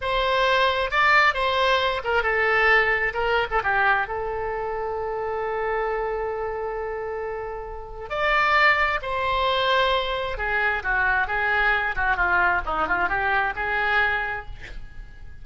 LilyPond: \new Staff \with { instrumentName = "oboe" } { \time 4/4 \tempo 4 = 133 c''2 d''4 c''4~ | c''8 ais'8 a'2 ais'8. a'16 | g'4 a'2.~ | a'1~ |
a'2 d''2 | c''2. gis'4 | fis'4 gis'4. fis'8 f'4 | dis'8 f'8 g'4 gis'2 | }